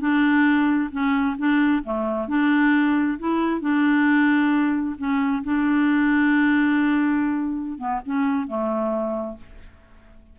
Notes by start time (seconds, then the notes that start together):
0.00 D4
0.92 C#4
1.38 D4
1.84 A3
2.28 D4
3.19 E4
3.61 D4
4.98 C#4
5.44 D4
7.78 B3
8.06 C#4
8.47 A3